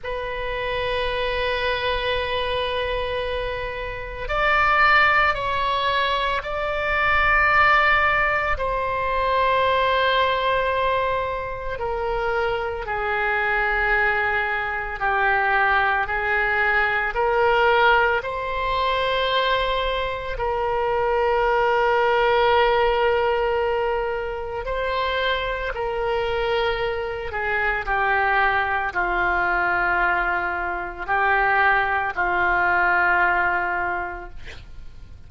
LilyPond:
\new Staff \with { instrumentName = "oboe" } { \time 4/4 \tempo 4 = 56 b'1 | d''4 cis''4 d''2 | c''2. ais'4 | gis'2 g'4 gis'4 |
ais'4 c''2 ais'4~ | ais'2. c''4 | ais'4. gis'8 g'4 f'4~ | f'4 g'4 f'2 | }